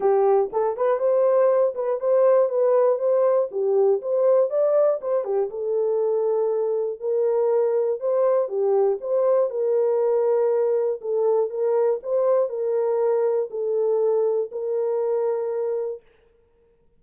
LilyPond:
\new Staff \with { instrumentName = "horn" } { \time 4/4 \tempo 4 = 120 g'4 a'8 b'8 c''4. b'8 | c''4 b'4 c''4 g'4 | c''4 d''4 c''8 g'8 a'4~ | a'2 ais'2 |
c''4 g'4 c''4 ais'4~ | ais'2 a'4 ais'4 | c''4 ais'2 a'4~ | a'4 ais'2. | }